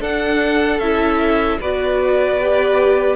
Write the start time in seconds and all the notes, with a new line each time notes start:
0.00 D4 A4 F#5
0.79 C#4 E4 E5
1.61 B3 F#4 B4 D5
2.41 G4